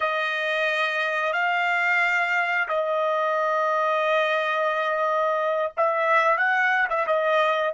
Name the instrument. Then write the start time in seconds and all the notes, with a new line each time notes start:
trumpet
0.00 D#5
1.33 F5
2.68 D#5
5.76 E5
6.37 F#5
6.89 E5
7.06 D#5